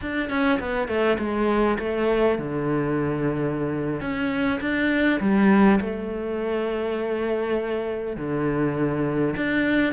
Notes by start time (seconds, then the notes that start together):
0.01 D4
0.29 C#4
0.59 B3
0.87 A3
1.18 G#3
1.78 A3
2.38 D3
4.00 C#4
4.60 D4
5.20 G3
5.80 A3
8.16 D3
9.36 D4